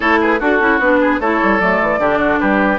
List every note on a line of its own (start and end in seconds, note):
0.00 0.40 A3
0.00 0.40 E4
0.00 0.19 A4
0.00 0.19 C#5
0.21 0.39 G#4
0.21 0.40 B4
0.39 0.60 D4
0.39 0.99 F#4
0.39 0.60 F#4
0.39 0.80 A4
0.60 0.79 C#4
0.60 0.80 E4
0.79 1.19 B3
0.79 1.21 D4
0.79 1.20 B4
1.00 1.19 G#4
1.19 1.40 A3
1.19 1.60 E4
1.19 1.99 A4
1.19 1.60 C#5
1.42 1.60 G3
1.60 1.80 F#3
1.60 2.00 A3
1.60 2.40 D5
1.81 1.98 E3
1.98 2.38 D3
1.98 2.79 D4
1.98 2.18 G4
2.18 2.38 F#4
2.40 2.79 G3
2.40 2.79 G4
2.40 2.79 B4